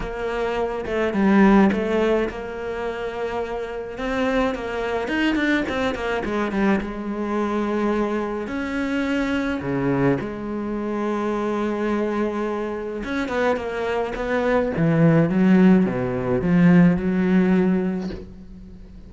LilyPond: \new Staff \with { instrumentName = "cello" } { \time 4/4 \tempo 4 = 106 ais4. a8 g4 a4 | ais2. c'4 | ais4 dis'8 d'8 c'8 ais8 gis8 g8 | gis2. cis'4~ |
cis'4 cis4 gis2~ | gis2. cis'8 b8 | ais4 b4 e4 fis4 | b,4 f4 fis2 | }